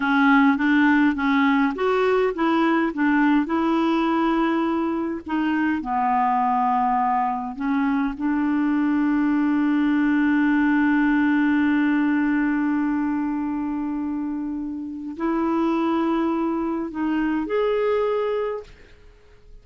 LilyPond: \new Staff \with { instrumentName = "clarinet" } { \time 4/4 \tempo 4 = 103 cis'4 d'4 cis'4 fis'4 | e'4 d'4 e'2~ | e'4 dis'4 b2~ | b4 cis'4 d'2~ |
d'1~ | d'1~ | d'2 e'2~ | e'4 dis'4 gis'2 | }